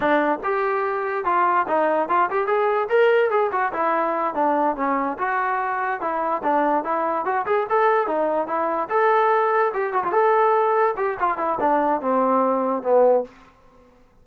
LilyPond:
\new Staff \with { instrumentName = "trombone" } { \time 4/4 \tempo 4 = 145 d'4 g'2 f'4 | dis'4 f'8 g'8 gis'4 ais'4 | gis'8 fis'8 e'4. d'4 cis'8~ | cis'8 fis'2 e'4 d'8~ |
d'8 e'4 fis'8 gis'8 a'4 dis'8~ | dis'8 e'4 a'2 g'8 | fis'16 f'16 a'2 g'8 f'8 e'8 | d'4 c'2 b4 | }